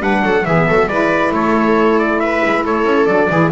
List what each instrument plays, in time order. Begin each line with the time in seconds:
0.00 double bass G3, saxophone D4, viola B4, trumpet F#5
0.22 double bass F#3, viola A4
0.46 double bass E3, saxophone B3, viola G#4, trumpet E5
0.69 double bass F#3, viola A4
0.87 double bass G#3, saxophone E4, viola B4, trumpet D5
1.31 double bass A3, viola A4, trumpet C#5
1.99 trumpet D5
2.20 viola B4, trumpet E5
2.45 double bass G#3
2.64 double bass A3, viola A4, trumpet C#5
2.84 double bass C#4
3.06 double bass F#3, saxophone D4, trumpet D5
3.30 double bass E3, saxophone E4, viola G#4